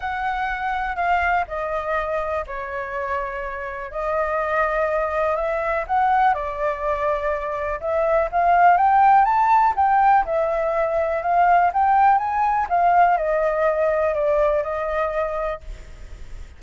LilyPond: \new Staff \with { instrumentName = "flute" } { \time 4/4 \tempo 4 = 123 fis''2 f''4 dis''4~ | dis''4 cis''2. | dis''2. e''4 | fis''4 d''2. |
e''4 f''4 g''4 a''4 | g''4 e''2 f''4 | g''4 gis''4 f''4 dis''4~ | dis''4 d''4 dis''2 | }